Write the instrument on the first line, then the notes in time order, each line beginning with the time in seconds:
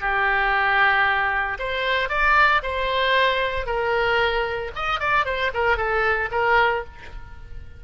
oboe
0.00 G4
1.59 C5
2.09 D5
2.62 C5
3.66 A#4
4.75 D#5
5.00 D5
5.25 C5
5.54 A#4
5.77 A4
6.31 A#4